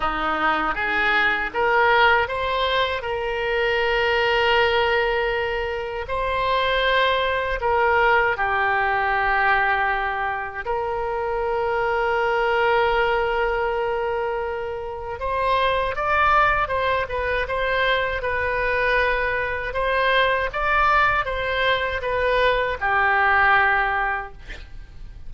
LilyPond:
\new Staff \with { instrumentName = "oboe" } { \time 4/4 \tempo 4 = 79 dis'4 gis'4 ais'4 c''4 | ais'1 | c''2 ais'4 g'4~ | g'2 ais'2~ |
ais'1 | c''4 d''4 c''8 b'8 c''4 | b'2 c''4 d''4 | c''4 b'4 g'2 | }